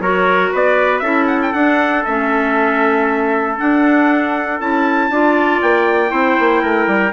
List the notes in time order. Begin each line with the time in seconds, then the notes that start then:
0.00 F#3 F#4 A#4 C#5
0.53 B3 B4 D5
0.99 C#4 E4 A4 E5
1.28 F#5
1.42 G5
1.53 D4 F#5
2.05 A3 C#4 E5
3.58 D4 F#5
4.60 C#4 E4 A5
5.10 D4 F4 D5
5.62 A#3 G5
6.08 C4 E4 C5
6.39 A#3
6.62 A3 A#4
6.87 G3